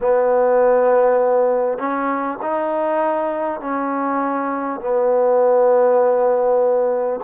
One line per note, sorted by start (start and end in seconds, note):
0.01 1.78 B3
1.78 2.38 C#4
2.42 3.60 D#4
3.60 4.80 C#4
4.80 7.20 B3